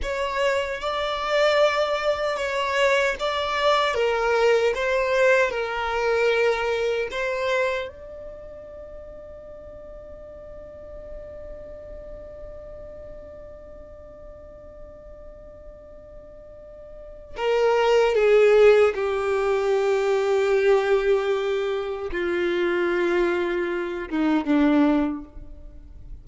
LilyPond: \new Staff \with { instrumentName = "violin" } { \time 4/4 \tempo 4 = 76 cis''4 d''2 cis''4 | d''4 ais'4 c''4 ais'4~ | ais'4 c''4 d''2~ | d''1~ |
d''1~ | d''2 ais'4 gis'4 | g'1 | f'2~ f'8 dis'8 d'4 | }